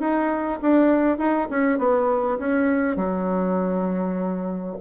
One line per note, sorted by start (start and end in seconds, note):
0.00 0.60 D#4
0.62 1.18 D4
1.18 1.48 D#4
1.50 1.79 C#4
1.79 2.39 B3
2.39 2.96 C#4
2.96 4.76 F#3